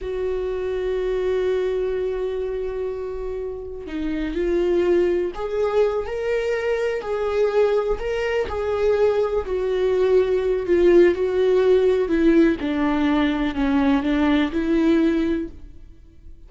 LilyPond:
\new Staff \with { instrumentName = "viola" } { \time 4/4 \tempo 4 = 124 fis'1~ | fis'1 | dis'4 f'2 gis'4~ | gis'8 ais'2 gis'4.~ |
gis'8 ais'4 gis'2 fis'8~ | fis'2 f'4 fis'4~ | fis'4 e'4 d'2 | cis'4 d'4 e'2 | }